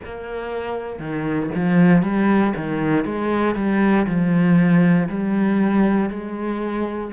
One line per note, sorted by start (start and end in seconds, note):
0.04 0.99 A#3
0.99 1.50 D#3
1.55 2.02 F3
2.02 2.53 G3
2.56 3.04 D#3
3.04 3.55 G#3
3.55 4.06 G3
4.06 5.08 F3
5.08 6.09 G3
6.09 7.11 G#3